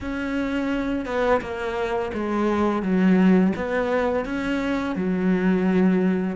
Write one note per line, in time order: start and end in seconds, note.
0.01 1.05 C#4
1.05 1.41 B3
1.41 2.11 A#3
2.13 2.82 G#3
2.82 3.53 F#3
3.56 4.25 B3
4.25 4.95 C#4
4.95 6.36 F#3